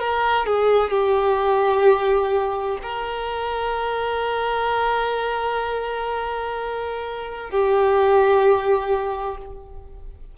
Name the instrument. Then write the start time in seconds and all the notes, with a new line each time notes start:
violin
0.00 A#4
0.46 G#4
0.91 G4
2.83 A#4
7.50 G4